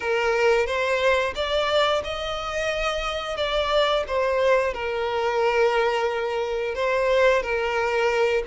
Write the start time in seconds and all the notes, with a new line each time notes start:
0.00 A#4
0.66 C5
1.35 D5
2.04 D#5
3.36 D5
4.07 C5
4.73 A#4
6.74 C5
7.42 A#4